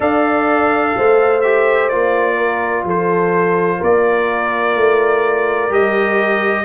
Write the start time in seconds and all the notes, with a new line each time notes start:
0.00 D4 A4 D5 F5
0.96 A3 C5
1.41 G4 E5
1.88 A#3 F4 D5
2.36 A#4
2.84 F3 A4 C5
3.78 A#3 A#4 D5
4.75 A3
5.69 G3 G4 D#5